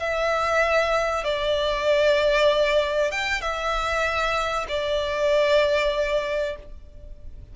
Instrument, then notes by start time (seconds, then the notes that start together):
violin
0.00 E5
1.24 D5
3.12 G5
3.42 E5
4.69 D5